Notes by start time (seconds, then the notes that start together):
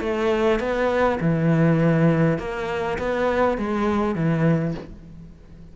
0.00 A3
0.59 B3
1.20 E3
2.38 A#3
2.98 B3
3.58 G#3
4.15 E3